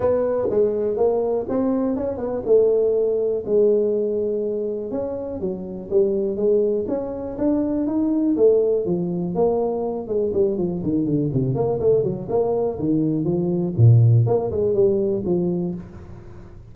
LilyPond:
\new Staff \with { instrumentName = "tuba" } { \time 4/4 \tempo 4 = 122 b4 gis4 ais4 c'4 | cis'8 b8 a2 gis4~ | gis2 cis'4 fis4 | g4 gis4 cis'4 d'4 |
dis'4 a4 f4 ais4~ | ais8 gis8 g8 f8 dis8 d8 c8 ais8 | a8 fis8 ais4 dis4 f4 | ais,4 ais8 gis8 g4 f4 | }